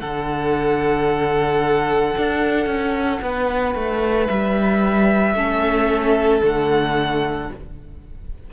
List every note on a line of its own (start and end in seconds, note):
0.00 2.16 D3
0.00 5.37 D4
0.00 3.23 A4
0.00 4.27 F#5
2.17 2.66 D4
2.66 3.20 C#4
3.22 3.75 B3
3.22 5.36 B4
3.75 4.29 A3
4.27 5.35 G3
4.27 6.42 E5
5.35 6.42 A3
5.35 6.42 C#4
5.35 7.51 A4
6.42 7.50 D3
6.42 7.50 A3
6.42 7.53 F#5